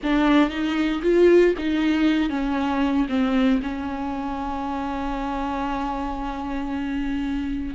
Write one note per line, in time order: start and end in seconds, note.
0.03 0.49 D4
0.49 1.01 D#4
1.02 1.54 F4
1.58 2.29 D#4
2.29 3.07 C#4
3.08 3.60 C4
3.62 7.74 C#4